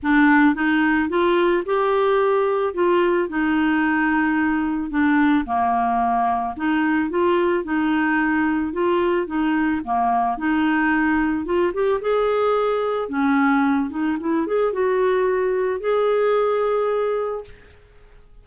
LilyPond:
\new Staff \with { instrumentName = "clarinet" } { \time 4/4 \tempo 4 = 110 d'4 dis'4 f'4 g'4~ | g'4 f'4 dis'2~ | dis'4 d'4 ais2 | dis'4 f'4 dis'2 |
f'4 dis'4 ais4 dis'4~ | dis'4 f'8 g'8 gis'2 | cis'4. dis'8 e'8 gis'8 fis'4~ | fis'4 gis'2. | }